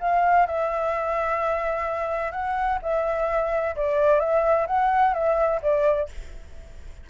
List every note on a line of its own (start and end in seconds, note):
0.00 0.46 F5
0.46 2.32 E5
2.32 2.78 F#5
2.82 3.76 E5
3.76 4.19 D5
4.19 4.66 E5
4.67 5.13 F#5
5.13 5.60 E5
5.62 6.09 D5